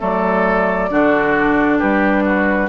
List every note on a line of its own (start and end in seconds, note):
0.00 0.91 F#3
0.00 0.90 A3
0.00 0.90 A4
0.00 1.80 D5
0.90 1.80 D3
0.90 2.69 D4
0.90 1.79 F#4
1.79 2.69 G3
1.79 2.24 G4
1.79 2.69 B4
2.25 2.69 F#4